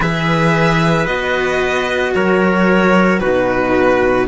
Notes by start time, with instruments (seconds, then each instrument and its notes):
0.00 cello E3 G#4, trumpet B4, violin E5
1.06 cello B3 F#4, violin D#5
2.14 cello F#3, trumpet A#4, violin C#5
3.19 cello B2 D#4, trumpet F#4, violin B4